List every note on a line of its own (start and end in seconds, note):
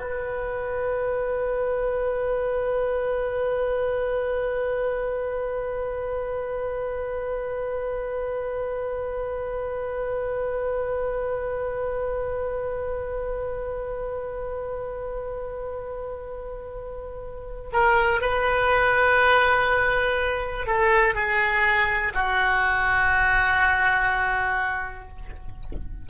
0.00 17.70 B4
17.72 18.21 A#4
18.21 20.66 B4
20.66 21.14 A4
21.14 22.13 G#4
22.14 25.09 F#4